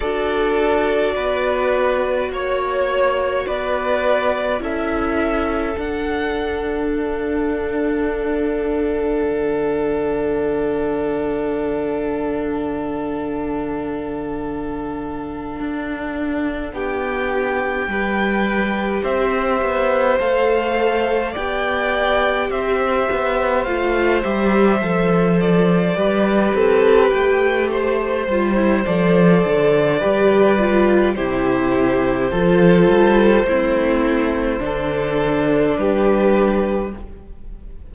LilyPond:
<<
  \new Staff \with { instrumentName = "violin" } { \time 4/4 \tempo 4 = 52 d''2 cis''4 d''4 | e''4 fis''4 f''2~ | f''1~ | f''2~ f''8 g''4.~ |
g''8 e''4 f''4 g''4 e''8~ | e''8 f''8 e''4 d''4 a'8 g''8 | c''4 d''2 c''4~ | c''2. b'4 | }
  \new Staff \with { instrumentName = "violin" } { \time 4/4 a'4 b'4 cis''4 b'4 | a'1~ | a'1~ | a'2~ a'8 g'4 b'8~ |
b'8 c''2 d''4 c''8~ | c''2~ c''8 b'4. | c''2 b'4 g'4 | a'4 e'4 a'4 g'4 | }
  \new Staff \with { instrumentName = "viola" } { \time 4/4 fis'1 | e'4 d'2.~ | d'1~ | d'2.~ d'8 g'8~ |
g'4. a'4 g'4.~ | g'8 f'8 g'8 a'4 g'4.~ | g'8 f'16 e'16 a'4 g'8 f'8 e'4 | f'4 c'4 d'2 | }
  \new Staff \with { instrumentName = "cello" } { \time 4/4 d'4 b4 ais4 b4 | cis'4 d'2. | d1~ | d4. d'4 b4 g8~ |
g8 c'8 b8 a4 b4 c'8 | b8 a8 g8 f4 g8 c'8 a8~ | a8 g8 f8 d8 g4 c4 | f8 g8 a4 d4 g4 | }
>>